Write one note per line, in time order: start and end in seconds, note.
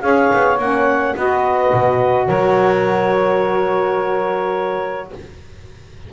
0.00 0.31 C#4
0.00 0.57 G#4
0.00 1.15 C#5
0.00 0.58 F5
0.33 0.58 B3
0.58 1.15 A#3
0.58 1.16 C#4
0.58 1.16 F#5
1.15 1.72 B3
1.15 5.12 F#4
1.15 2.26 B4
1.15 2.27 D#5
1.73 2.28 B2
2.26 5.11 F#3
2.26 5.09 A#4
2.26 5.10 C#5